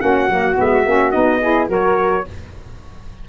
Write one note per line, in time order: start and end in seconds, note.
0.00 0.28 A#3
0.00 0.28 C#4
0.00 1.41 F#4
0.00 0.56 F#5
0.28 0.56 F#3
0.28 0.55 A#3
0.55 0.86 G#3
0.55 0.83 B3
0.55 1.11 E5
0.86 1.14 A#3
0.86 1.12 C#4
1.11 1.68 B3
1.11 1.40 D#4
1.11 1.67 D#5
1.41 1.68 E4
1.41 1.69 G#4
1.68 2.25 F#3
1.68 2.24 F#4
1.68 2.25 A#4
1.68 2.28 C#5